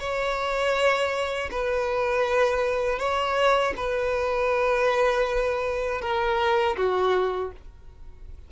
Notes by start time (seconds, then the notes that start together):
0.00 C#5
1.51 B4
2.99 C#5
3.77 B4
6.02 A#4
6.77 F#4